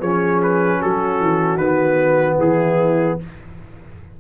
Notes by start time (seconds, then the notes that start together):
0.00 F3 C#4 G#4 C#5
0.43 B4
0.79 F#3 F#4 A4
1.21 E3
1.57 D#3 B3 B4
2.39 E3 E4 G#4